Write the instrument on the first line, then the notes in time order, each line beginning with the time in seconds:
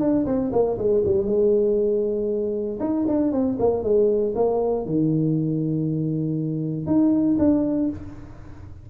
tuba
0.00 D4
0.26 C4
0.52 A#3
0.78 G#3
1.05 G3
1.26 G#3
2.80 D#4
3.08 D4
3.32 C4
3.59 A#3
3.83 G#3
4.35 A#3
4.86 D#3
6.86 D#4
7.39 D4